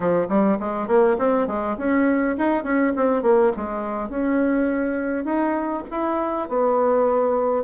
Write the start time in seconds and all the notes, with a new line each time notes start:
0.00 F3
0.28 G3
0.59 G#3
0.87 A#3
1.18 C4
1.47 G#3
1.77 C#4
2.37 D#4
2.63 C#4
2.95 C4
3.22 A#3
3.56 G#3
4.09 C#4
5.25 D#4
5.90 E4
6.48 B3